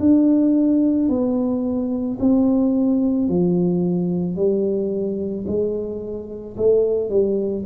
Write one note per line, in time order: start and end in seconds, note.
0.00 1.09 D4
1.09 2.18 B3
2.20 3.29 C4
3.29 4.36 F3
4.36 5.45 G3
5.47 6.57 G#3
6.57 7.10 A3
7.10 7.65 G3